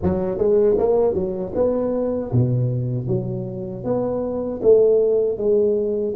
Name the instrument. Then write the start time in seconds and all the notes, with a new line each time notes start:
tuba
0.02 F#3
0.38 G#3
0.77 A#3
1.14 F#3
1.54 B3
2.31 B2
3.07 F#3
3.84 B3
4.62 A3
5.37 G#3